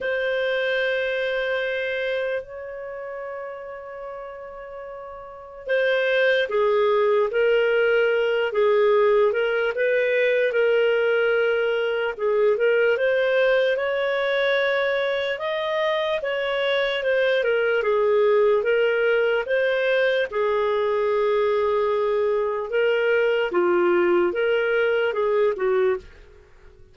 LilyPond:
\new Staff \with { instrumentName = "clarinet" } { \time 4/4 \tempo 4 = 74 c''2. cis''4~ | cis''2. c''4 | gis'4 ais'4. gis'4 ais'8 | b'4 ais'2 gis'8 ais'8 |
c''4 cis''2 dis''4 | cis''4 c''8 ais'8 gis'4 ais'4 | c''4 gis'2. | ais'4 f'4 ais'4 gis'8 fis'8 | }